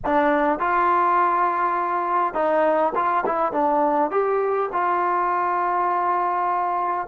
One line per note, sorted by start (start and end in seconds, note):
0.05 0.59 D4
0.59 2.34 F4
2.34 2.93 D#4
2.95 3.24 F4
3.25 3.52 E4
3.52 4.10 D4
4.10 4.69 G4
4.72 7.07 F4